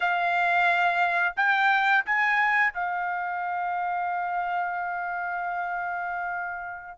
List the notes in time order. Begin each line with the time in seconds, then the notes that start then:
0.00 F5
1.36 G5
2.05 G#5
2.73 F5